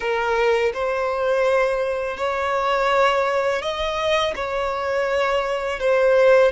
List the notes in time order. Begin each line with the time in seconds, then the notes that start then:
0.00 A#4
0.73 C5
2.17 C#5
3.61 D#5
4.35 C#5
5.79 C5